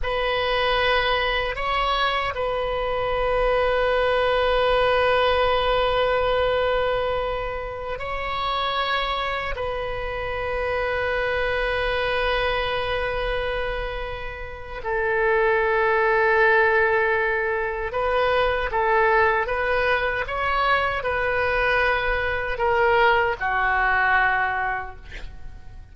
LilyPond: \new Staff \with { instrumentName = "oboe" } { \time 4/4 \tempo 4 = 77 b'2 cis''4 b'4~ | b'1~ | b'2~ b'16 cis''4.~ cis''16~ | cis''16 b'2.~ b'8.~ |
b'2. a'4~ | a'2. b'4 | a'4 b'4 cis''4 b'4~ | b'4 ais'4 fis'2 | }